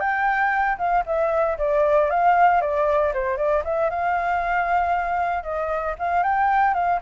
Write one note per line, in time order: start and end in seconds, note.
0.00 0.78 G5
0.78 1.04 F5
1.06 1.58 E5
1.58 2.10 D5
2.10 2.61 F5
2.61 3.13 D5
3.14 3.37 C5
3.37 3.63 D5
3.64 3.90 E5
3.90 5.43 F5
5.43 5.95 D#5
5.99 6.23 F5
6.23 6.74 G5
6.74 7.00 F5